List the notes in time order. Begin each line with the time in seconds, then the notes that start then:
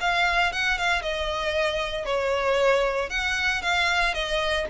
0.00 F5
0.52 F#5
0.78 F5
1.02 D#5
2.05 C#5
3.09 F#5
3.62 F5
4.14 D#5